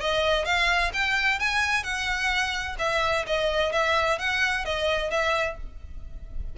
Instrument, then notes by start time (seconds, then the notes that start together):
violin
0.00 D#5
0.45 F5
0.93 G5
1.39 G#5
1.83 F#5
2.79 E5
3.26 D#5
3.72 E5
4.19 F#5
4.65 D#5
5.11 E5